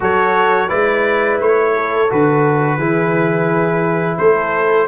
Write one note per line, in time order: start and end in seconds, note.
0.00 0.70 F#3
0.00 0.68 F#4
0.00 0.68 A4
0.00 0.68 C#5
0.68 1.40 G#3
0.68 2.08 E4
0.68 1.72 B4
0.68 1.38 D5
1.40 2.10 A3
1.40 2.11 C#5
1.74 2.77 A4
2.09 2.77 D3
2.09 2.79 F#4
2.09 4.17 B4
2.77 4.17 E3
2.77 4.87 E4
2.77 4.17 G#4
4.17 4.87 A3
4.17 4.87 A4
4.17 4.87 C5